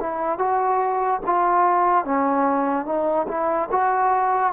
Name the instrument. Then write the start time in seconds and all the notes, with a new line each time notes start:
trombone
0.00 E4
0.38 F#4
1.26 F4
2.05 C#4
2.85 D#4
3.28 E4
3.71 F#4